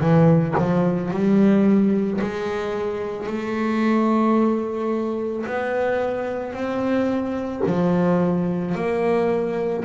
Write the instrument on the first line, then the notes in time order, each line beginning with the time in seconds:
double bass
0.00 E3
0.58 F3
1.11 G3
2.21 G#3
3.26 A3
5.46 B3
6.53 C4
7.66 F3
8.75 A#3